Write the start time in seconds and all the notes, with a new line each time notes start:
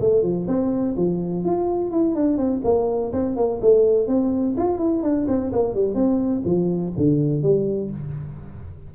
0.00 A3
0.22 F3
0.47 C4
0.96 F3
1.44 F4
1.91 E4
2.15 D4
2.37 C4
2.64 A#3
3.12 C4
3.36 A#3
3.61 A3
4.07 C4
4.57 F4
4.78 E4
5.02 D4
5.28 C4
5.52 A#3
5.74 G3
5.94 C4
6.45 F3
6.96 D3
7.42 G3